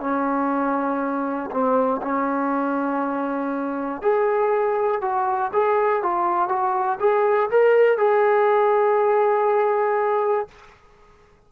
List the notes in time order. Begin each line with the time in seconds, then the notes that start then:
0.00 C#4
1.51 C4
2.02 C#4
4.02 G#4
5.01 F#4
5.53 G#4
6.03 F4
6.49 F#4
7.00 G#4
7.50 A#4
7.98 G#4